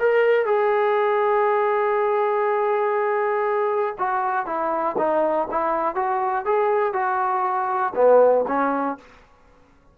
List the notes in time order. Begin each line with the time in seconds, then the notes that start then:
0.00 A#4
0.46 G#4
3.99 F#4
4.46 E4
4.98 D#4
5.51 E4
5.95 F#4
6.45 G#4
6.94 F#4
7.95 B3
8.48 C#4